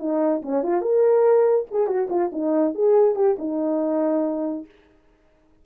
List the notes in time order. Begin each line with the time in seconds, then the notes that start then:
0.00 D#4
0.43 C#4
0.63 F4
0.82 A#4
1.71 G#4
1.87 F#4
2.10 F4
2.33 D#4
2.75 G#4
3.16 G4
3.39 D#4